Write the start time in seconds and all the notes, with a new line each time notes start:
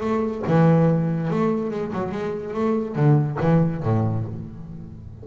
0.00 A3
0.47 E3
1.30 A3
1.71 G#3
1.92 F#3
2.11 G#3
2.54 A3
2.95 D3
3.41 E3
3.83 A2